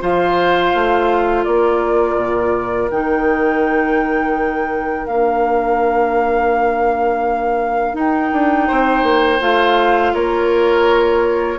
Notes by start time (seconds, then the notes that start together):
0.00 F3 F4 C5 F5
0.74 A3
1.44 A#3 A#4 D5
2.16 A#2
2.91 D#3 D#4 G5
5.06 A#3 D4 F5
7.93 D#4 G5
8.32 D4
8.67 C4 C5
9.03 A#3
9.40 A3 F4 F5
10.14 A#3 A#4 C#5